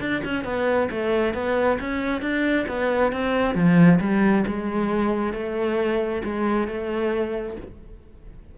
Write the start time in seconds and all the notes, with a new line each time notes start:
0.00 D4
0.24 C#4
0.44 B3
0.91 A3
1.34 B3
1.80 C#4
2.21 D4
2.68 B3
3.12 C4
3.55 F3
4.00 G3
4.47 G#3
5.33 A3
6.24 G#3
6.67 A3